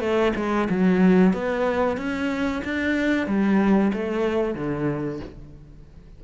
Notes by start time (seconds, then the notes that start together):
0.00 A3
0.36 G#3
0.70 F#3
1.33 B3
1.97 C#4
2.64 D4
3.27 G3
3.93 A3
4.55 D3